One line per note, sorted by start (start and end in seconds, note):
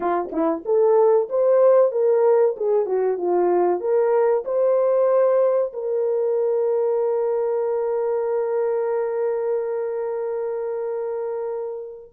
0.00 0.30 F4
0.32 0.64 E4
0.65 1.29 A4
1.29 1.91 C5
1.91 2.55 A#4
2.56 2.85 G#4
2.85 3.17 F#4
3.17 3.80 F4
3.80 4.44 A#4
4.44 5.72 C5
5.73 12.11 A#4